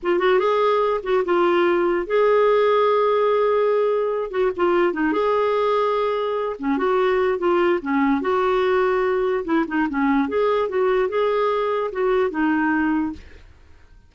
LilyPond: \new Staff \with { instrumentName = "clarinet" } { \time 4/4 \tempo 4 = 146 f'8 fis'8 gis'4. fis'8 f'4~ | f'4 gis'2.~ | gis'2~ gis'8 fis'8 f'4 | dis'8 gis'2.~ gis'8 |
cis'8 fis'4. f'4 cis'4 | fis'2. e'8 dis'8 | cis'4 gis'4 fis'4 gis'4~ | gis'4 fis'4 dis'2 | }